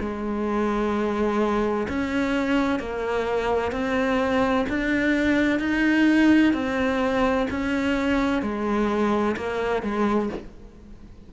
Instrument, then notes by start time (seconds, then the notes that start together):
cello
0.00 G#3
1.88 C#4
2.80 A#3
3.72 C4
4.69 D4
5.60 D#4
6.54 C4
7.50 C#4
8.42 G#3
9.37 A#3
9.83 G#3